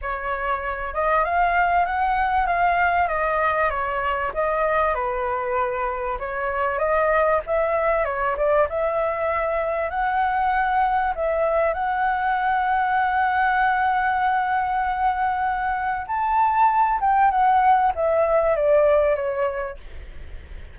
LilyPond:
\new Staff \with { instrumentName = "flute" } { \time 4/4 \tempo 4 = 97 cis''4. dis''8 f''4 fis''4 | f''4 dis''4 cis''4 dis''4 | b'2 cis''4 dis''4 | e''4 cis''8 d''8 e''2 |
fis''2 e''4 fis''4~ | fis''1~ | fis''2 a''4. g''8 | fis''4 e''4 d''4 cis''4 | }